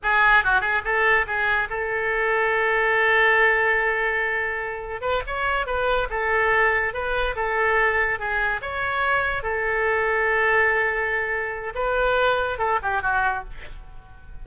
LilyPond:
\new Staff \with { instrumentName = "oboe" } { \time 4/4 \tempo 4 = 143 gis'4 fis'8 gis'8 a'4 gis'4 | a'1~ | a'1 | b'8 cis''4 b'4 a'4.~ |
a'8 b'4 a'2 gis'8~ | gis'8 cis''2 a'4.~ | a'1 | b'2 a'8 g'8 fis'4 | }